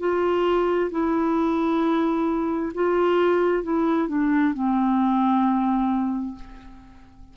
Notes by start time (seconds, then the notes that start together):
0.00 F4
0.91 E4
2.75 F4
3.64 E4
4.09 D4
4.54 C4